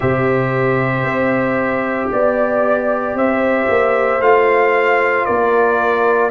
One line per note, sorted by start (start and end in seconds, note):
0.00 1.03 C3
0.00 4.20 G4
0.00 2.11 C5
0.00 2.10 E5
1.03 2.09 C4
2.11 3.14 B3
2.11 3.17 D5
3.14 3.66 C4
3.14 5.26 C5
3.14 4.21 E5
3.69 4.20 A#3
4.20 5.26 A3
4.20 6.30 F4
4.20 5.25 F5
5.25 6.30 A#3
5.25 6.30 A#4
5.25 6.30 D5